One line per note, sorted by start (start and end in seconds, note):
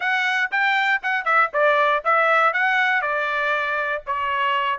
0.00 0.50 F#5
0.51 1.01 G5
1.02 1.25 F#5
1.25 1.50 E5
1.53 2.03 D5
2.04 2.53 E5
2.53 3.01 F#5
3.01 4.02 D5
4.06 4.78 C#5